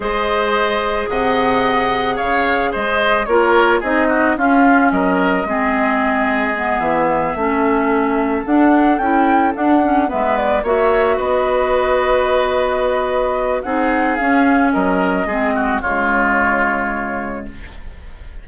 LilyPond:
<<
  \new Staff \with { instrumentName = "flute" } { \time 4/4 \tempo 4 = 110 dis''2 fis''2 | f''4 dis''4 cis''4 dis''4 | f''4 dis''2.~ | dis''8 e''2. fis''8~ |
fis''8 g''4 fis''4 e''8 d''8 e''8~ | e''8 dis''2.~ dis''8~ | dis''4 fis''4 f''4 dis''4~ | dis''4 cis''2. | }
  \new Staff \with { instrumentName = "oboe" } { \time 4/4 c''2 dis''2 | cis''4 c''4 ais'4 gis'8 fis'8 | f'4 ais'4 gis'2~ | gis'4. a'2~ a'8~ |
a'2~ a'8 b'4 cis''8~ | cis''8 b'2.~ b'8~ | b'4 gis'2 ais'4 | gis'8 fis'8 f'2. | }
  \new Staff \with { instrumentName = "clarinet" } { \time 4/4 gis'1~ | gis'2 f'4 dis'4 | cis'2 c'2 | b4. cis'2 d'8~ |
d'8 e'4 d'8 cis'8 b4 fis'8~ | fis'1~ | fis'4 dis'4 cis'2 | c'4 gis2. | }
  \new Staff \with { instrumentName = "bassoon" } { \time 4/4 gis2 c2 | cis4 gis4 ais4 c'4 | cis'4 fis4 gis2~ | gis8 e4 a2 d'8~ |
d'8 cis'4 d'4 gis4 ais8~ | ais8 b2.~ b8~ | b4 c'4 cis'4 fis4 | gis4 cis2. | }
>>